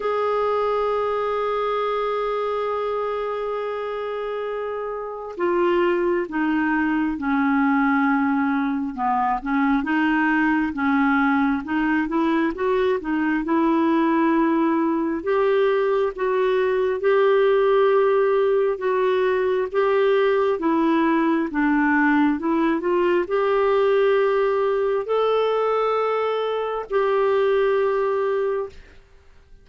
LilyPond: \new Staff \with { instrumentName = "clarinet" } { \time 4/4 \tempo 4 = 67 gis'1~ | gis'2 f'4 dis'4 | cis'2 b8 cis'8 dis'4 | cis'4 dis'8 e'8 fis'8 dis'8 e'4~ |
e'4 g'4 fis'4 g'4~ | g'4 fis'4 g'4 e'4 | d'4 e'8 f'8 g'2 | a'2 g'2 | }